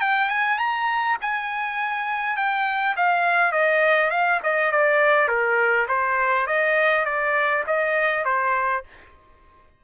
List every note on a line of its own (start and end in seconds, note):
0.00 0.29 G5
0.29 0.58 G#5
0.58 1.17 A#5
1.21 2.36 G#5
2.36 2.95 G5
2.96 3.52 F5
3.52 4.10 D#5
4.10 4.40 F5
4.43 4.71 D#5
4.71 5.28 D5
5.28 5.87 A#4
5.87 6.46 C5
6.46 7.05 D#5
7.05 7.63 D5
7.66 8.25 D#5
8.25 8.83 C5